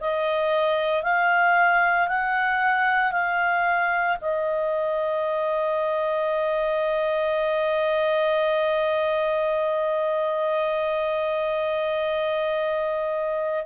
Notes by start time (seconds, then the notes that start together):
0.00 D#5
1.03 F5
2.08 F#5
3.11 F5
4.21 D#5